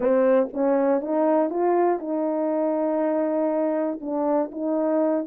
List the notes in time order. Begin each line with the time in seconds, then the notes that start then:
0.00 C4
0.53 C#4
1.01 D#4
1.50 F4
1.99 D#4
4.00 D4
4.51 D#4